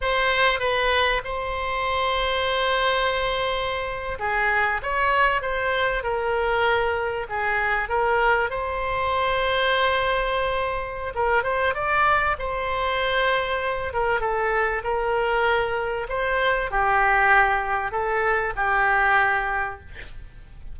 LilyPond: \new Staff \with { instrumentName = "oboe" } { \time 4/4 \tempo 4 = 97 c''4 b'4 c''2~ | c''2~ c''8. gis'4 cis''16~ | cis''8. c''4 ais'2 gis'16~ | gis'8. ais'4 c''2~ c''16~ |
c''2 ais'8 c''8 d''4 | c''2~ c''8 ais'8 a'4 | ais'2 c''4 g'4~ | g'4 a'4 g'2 | }